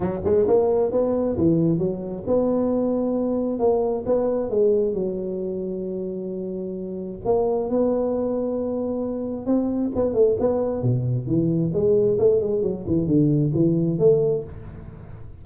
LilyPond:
\new Staff \with { instrumentName = "tuba" } { \time 4/4 \tempo 4 = 133 fis8 gis8 ais4 b4 e4 | fis4 b2. | ais4 b4 gis4 fis4~ | fis1 |
ais4 b2.~ | b4 c'4 b8 a8 b4 | b,4 e4 gis4 a8 gis8 | fis8 e8 d4 e4 a4 | }